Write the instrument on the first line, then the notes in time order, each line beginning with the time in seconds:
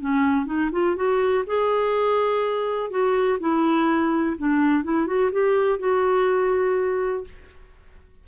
clarinet
0.00 C#4
0.46 D#4
0.72 F4
0.96 F#4
1.47 G#4
2.90 F#4
3.40 E4
4.37 D4
4.84 E4
5.07 F#4
5.32 G4
5.79 F#4